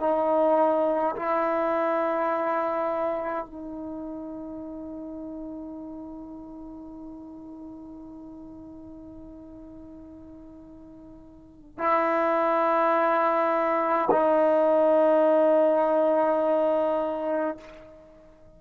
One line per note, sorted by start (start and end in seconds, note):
0.00 1.15 D#4
1.15 3.45 E4
3.45 11.78 D#4
11.78 14.09 E4
14.11 17.57 D#4